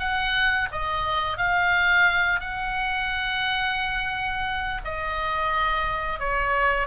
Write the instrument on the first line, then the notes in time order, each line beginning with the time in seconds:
oboe
0.00 F#5
0.72 D#5
1.38 F5
2.40 F#5
4.85 D#5
6.20 C#5